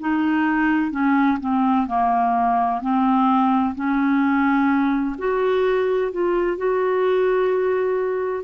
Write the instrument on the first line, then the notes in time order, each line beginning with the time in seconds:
clarinet
0.00 D#4
0.91 C#4
1.40 C4
1.87 A#3
2.81 C4
3.75 C#4
5.19 F#4
6.12 F4
6.58 F#4